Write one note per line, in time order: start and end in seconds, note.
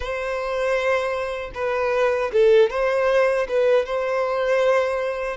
0.00 1.51 C5
1.54 2.31 B4
2.32 2.70 A4
2.70 3.47 C5
3.48 3.85 B4
3.85 5.37 C5